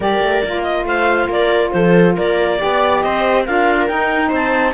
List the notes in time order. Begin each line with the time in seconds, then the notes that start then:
0.00 G3 G4 A#4 D5
0.20 A3
0.43 A#3 F4
0.63 D#5
0.84 A3 C5 F5
1.28 A#3 A#4 D5
1.71 F3 A4 C5
2.15 A#3 A#4 D5
2.58 B3 G4 D5
3.01 C4 C5 D#5
3.45 D4 F4 A#4 F5
3.87 D#4 G5
4.29 C4 C5
4.35 A5